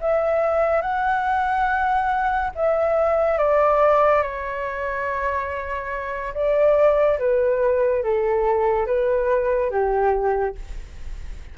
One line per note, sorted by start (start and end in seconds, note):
0.00 0.81 E5
0.81 2.50 F#5
2.55 3.38 E5
3.38 4.22 D5
4.22 6.33 C#5
6.34 7.18 D5
7.18 8.03 B4
8.03 8.86 A4
8.86 9.70 B4
9.70 10.55 G4